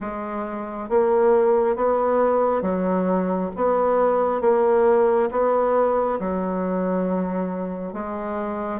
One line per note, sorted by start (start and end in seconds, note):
0.00 0.89 G#3
0.89 1.76 A#3
1.76 2.61 B3
2.61 3.50 F#3
3.56 4.41 B3
4.41 5.29 A#3
5.31 6.19 B3
6.19 7.93 F#3
7.93 8.80 G#3